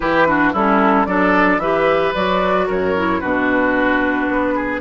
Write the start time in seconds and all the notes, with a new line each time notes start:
0.00 E3 E4 G4 B4
0.26 D4 F#4
0.52 G3 C#4 E4 A4
1.06 F#3 D4 A4 D5
1.57 E3 G4 B4 E5
2.14 F#3 F#4 D5
2.67 F#2 A#4 C#5
2.95 E4
3.20 B2 D4 F#4 B4
4.28 B3
4.55 G#4